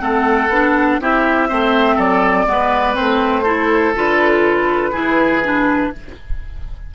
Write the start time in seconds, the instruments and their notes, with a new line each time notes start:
0.00 bassoon A3, clarinet C4, oboe A4, flute F#5
0.48 bassoon B3, clarinet D4
1.00 bassoon C4, clarinet E4, oboe G4, flute E5
1.48 bassoon A3, clarinet C4, oboe C5
1.95 bassoon F#3, oboe A4, flute D5
2.46 bassoon G#3, clarinet B3, oboe B4
2.94 bassoon A3, clarinet C4, flute C5
3.42 clarinet E4, oboe A4
3.95 bassoon D3, clarinet F4, flute B4
4.92 bassoon E3, clarinet E4, oboe G#4
5.43 clarinet D4